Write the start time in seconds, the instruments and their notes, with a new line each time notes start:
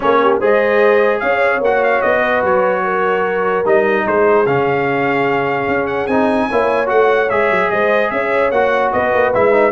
0.00 tuba A#3, trombone C#4, horn G#4, trumpet C#5
0.22 horn G4
0.39 tuba G#3, trombone G#4, horn C5, trumpet D#5
1.19 tuba C#4, horn C#5, trumpet F5
1.60 tuba A#3, trombone F#4, trumpet F#5
1.83 trumpet F5
2.01 tuba B3, trumpet D#5
2.20 horn B4
2.42 tuba F#3, trumpet C#5
2.84 horn A#4
3.64 tuba G3, trombone D#4, trumpet D#5
4.05 tuba G#3, horn G#4, trumpet C5
4.46 tuba C#3, trombone C#4, trumpet F5
5.67 tuba C#4
5.86 trumpet F#5
6.06 tuba C4, trombone D#4, trumpet G#5
6.48 tuba A#3, trombone E4, horn C#5
6.86 tuba A3, trombone F#4, trumpet F#5
7.29 tuba G#3, trombone G#4, trumpet E5
7.50 tuba F#3
7.70 tuba G#3, horn C5, trumpet D#5
8.10 tuba C#4, horn C#5, trumpet E5
8.51 tuba A#3, trombone F#4, trumpet F#5
8.92 tuba B3, horn B4, trumpet D#5
9.13 tuba A#3
9.34 tuba G#3, trombone E4, trumpet E5
9.52 trombone D#4